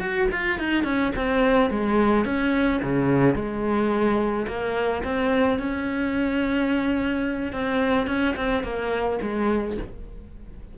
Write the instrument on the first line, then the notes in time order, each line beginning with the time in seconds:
cello
0.00 F#4
0.32 F4
0.59 D#4
0.84 C#4
1.16 C4
1.70 G#3
2.25 C#4
2.83 C#3
3.35 G#3
4.47 A#3
5.04 C4
5.59 C#4
7.53 C4
8.07 C#4
8.36 C4
8.64 A#3
9.22 G#3